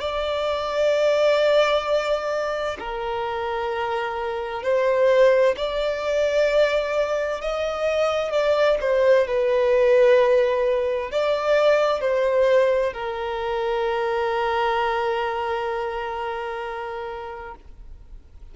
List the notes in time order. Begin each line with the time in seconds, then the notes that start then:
0.00 D5
2.79 A#4
4.63 C5
5.57 D5
7.41 D#5
8.32 D5
8.81 C5
9.27 B4
11.11 D5
12.01 C5
12.93 A#4